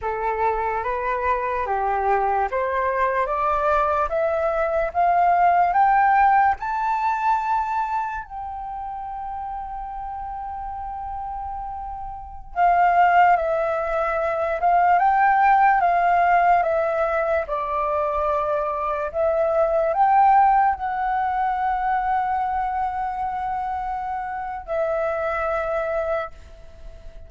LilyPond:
\new Staff \with { instrumentName = "flute" } { \time 4/4 \tempo 4 = 73 a'4 b'4 g'4 c''4 | d''4 e''4 f''4 g''4 | a''2 g''2~ | g''2.~ g''16 f''8.~ |
f''16 e''4. f''8 g''4 f''8.~ | f''16 e''4 d''2 e''8.~ | e''16 g''4 fis''2~ fis''8.~ | fis''2 e''2 | }